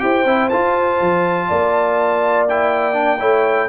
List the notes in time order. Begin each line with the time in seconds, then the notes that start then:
0.00 E4 G4 C5 G5
0.25 C4 E4
0.50 F4 A5
1.01 F3
1.49 A#3 D5
2.49 E4 G5
2.93 D4
3.19 A3 E4 C#5